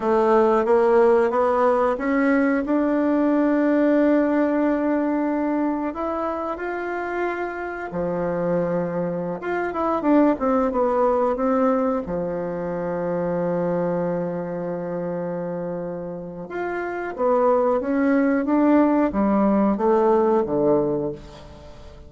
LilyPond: \new Staff \with { instrumentName = "bassoon" } { \time 4/4 \tempo 4 = 91 a4 ais4 b4 cis'4 | d'1~ | d'4 e'4 f'2 | f2~ f16 f'8 e'8 d'8 c'16~ |
c'16 b4 c'4 f4.~ f16~ | f1~ | f4 f'4 b4 cis'4 | d'4 g4 a4 d4 | }